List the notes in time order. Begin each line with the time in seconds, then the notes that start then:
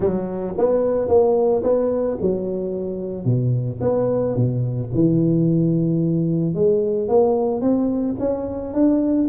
0.00 F#3
0.57 B3
1.08 A#3
1.63 B3
2.21 F#3
3.24 B2
3.81 B3
4.35 B2
4.94 E3
6.54 G#3
7.08 A#3
7.61 C4
8.19 C#4
8.73 D4